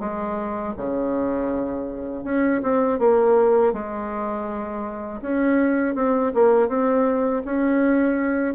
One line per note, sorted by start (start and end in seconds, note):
0.00 0.74 G#3
0.77 2.25 C#3
2.25 2.62 C#4
2.63 2.99 C4
2.99 3.73 A#3
3.73 5.21 G#3
5.22 5.96 C#4
5.96 6.33 C4
6.35 6.69 A#3
6.69 7.43 C4
7.45 8.55 C#4